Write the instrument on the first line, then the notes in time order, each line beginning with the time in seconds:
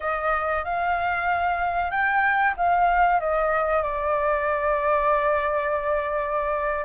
flute
0.00 D#5
0.64 F5
1.90 G5
2.56 F5
3.19 D#5
3.83 D5